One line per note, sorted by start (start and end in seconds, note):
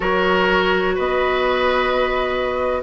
0.00 0.98 F#3
0.00 2.82 F#4
0.00 0.95 A#4
0.00 0.97 C#5
0.95 2.82 B3
0.95 2.79 B4
0.95 2.82 D#5